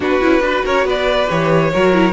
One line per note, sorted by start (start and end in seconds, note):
0.00 0.20 B3
0.00 0.21 D4
0.00 0.42 F#4
0.00 0.65 B4
0.21 0.40 C#4
0.21 0.41 E4
0.40 0.62 D4
0.40 1.26 F#4
0.40 0.64 B4
0.64 0.84 C#4
0.64 0.85 A#4
0.64 0.87 C#5
0.84 1.27 B3
0.84 1.70 B4
0.84 1.29 D5
1.29 1.73 E3
1.29 1.72 G4
1.29 2.12 C#5
1.73 2.12 F#3
1.73 1.93 F#4
1.73 2.12 A#4
1.93 2.12 E4